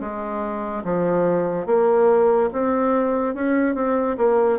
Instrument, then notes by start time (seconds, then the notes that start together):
bassoon
0.00 G#3
0.84 F3
1.66 A#3
2.53 C4
3.35 C#4
3.75 C4
4.17 A#3